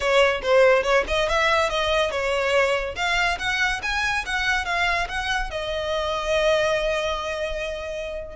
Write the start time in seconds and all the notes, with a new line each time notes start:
0.00 C#5
0.42 C5
0.83 C#5
1.07 D#5
1.28 E5
1.69 D#5
2.10 C#5
2.95 F5
3.39 F#5
3.82 G#5
4.25 F#5
4.65 F5
5.08 F#5
5.50 D#5